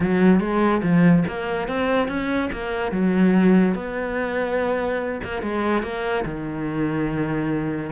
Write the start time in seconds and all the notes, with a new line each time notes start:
0.00 F#3
0.39 G#3
0.82 F3
1.27 A#3
1.68 C4
2.08 C#4
2.52 A#3
2.91 F#3
3.74 B3
5.23 A#3
5.42 G#3
5.82 A#3
6.25 D#3